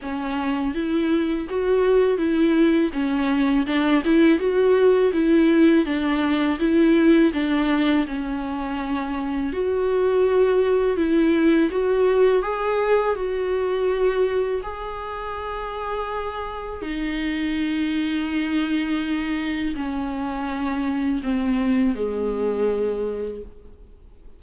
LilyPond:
\new Staff \with { instrumentName = "viola" } { \time 4/4 \tempo 4 = 82 cis'4 e'4 fis'4 e'4 | cis'4 d'8 e'8 fis'4 e'4 | d'4 e'4 d'4 cis'4~ | cis'4 fis'2 e'4 |
fis'4 gis'4 fis'2 | gis'2. dis'4~ | dis'2. cis'4~ | cis'4 c'4 gis2 | }